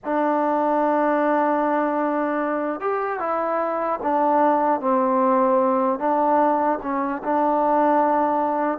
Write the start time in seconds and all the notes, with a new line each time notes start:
0.04 D4
2.80 G4
3.19 E4
4.03 D4
4.80 C4
5.99 D4
6.82 C#4
7.23 D4